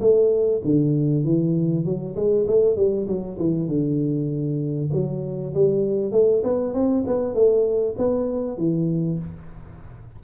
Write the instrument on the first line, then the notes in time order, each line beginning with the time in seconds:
tuba
0.00 A3
0.64 D3
1.24 E3
1.85 F#3
2.15 G#3
2.47 A3
2.76 G3
3.07 F#3
3.38 E3
3.68 D3
4.92 F#3
5.54 G3
6.12 A3
6.43 B3
6.73 C4
7.06 B3
7.34 A3
7.98 B3
8.57 E3